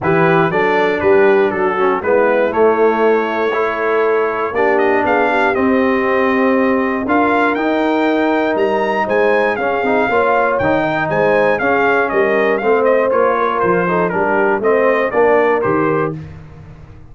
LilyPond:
<<
  \new Staff \with { instrumentName = "trumpet" } { \time 4/4 \tempo 4 = 119 b'4 d''4 b'4 a'4 | b'4 cis''2.~ | cis''4 d''8 dis''8 f''4 dis''4~ | dis''2 f''4 g''4~ |
g''4 ais''4 gis''4 f''4~ | f''4 g''4 gis''4 f''4 | dis''4 f''8 dis''8 cis''4 c''4 | ais'4 dis''4 d''4 c''4 | }
  \new Staff \with { instrumentName = "horn" } { \time 4/4 g'4 a'4 g'4 fis'4 | e'2. a'4~ | a'4 g'4 gis'8 g'4.~ | g'2 ais'2~ |
ais'2 c''4 gis'4 | cis''4. dis''8 c''4 gis'4 | ais'4 c''4. ais'4 a'8 | g'4 c''4 ais'2 | }
  \new Staff \with { instrumentName = "trombone" } { \time 4/4 e'4 d'2~ d'8 cis'8 | b4 a2 e'4~ | e'4 d'2 c'4~ | c'2 f'4 dis'4~ |
dis'2. cis'8 dis'8 | f'4 dis'2 cis'4~ | cis'4 c'4 f'4. dis'8 | d'4 c'4 d'4 g'4 | }
  \new Staff \with { instrumentName = "tuba" } { \time 4/4 e4 fis4 g4 fis4 | gis4 a2.~ | a4 ais4 b4 c'4~ | c'2 d'4 dis'4~ |
dis'4 g4 gis4 cis'8 c'8 | ais4 dis4 gis4 cis'4 | g4 a4 ais4 f4 | g4 a4 ais4 dis4 | }
>>